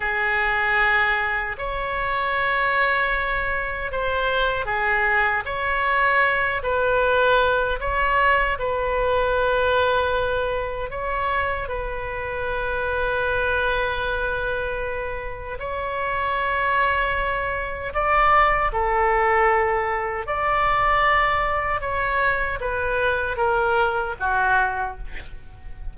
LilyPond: \new Staff \with { instrumentName = "oboe" } { \time 4/4 \tempo 4 = 77 gis'2 cis''2~ | cis''4 c''4 gis'4 cis''4~ | cis''8 b'4. cis''4 b'4~ | b'2 cis''4 b'4~ |
b'1 | cis''2. d''4 | a'2 d''2 | cis''4 b'4 ais'4 fis'4 | }